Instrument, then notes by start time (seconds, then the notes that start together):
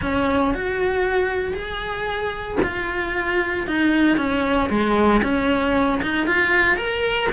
cello
0.01 C#4
0.54 F#4
1.53 G#4
2.62 F4
3.67 D#4
4.17 C#4
4.69 G#3
5.22 C#4
6.02 D#4
6.27 F4
6.76 A#4